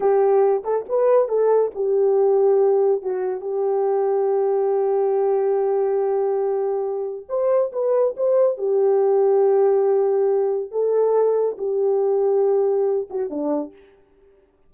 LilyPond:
\new Staff \with { instrumentName = "horn" } { \time 4/4 \tempo 4 = 140 g'4. a'8 b'4 a'4 | g'2. fis'4 | g'1~ | g'1~ |
g'4 c''4 b'4 c''4 | g'1~ | g'4 a'2 g'4~ | g'2~ g'8 fis'8 d'4 | }